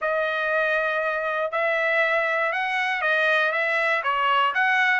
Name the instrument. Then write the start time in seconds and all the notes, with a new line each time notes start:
trumpet
0.01 D#5
1.51 E5
2.52 F#5
3.01 D#5
3.52 E5
4.03 C#5
4.54 F#5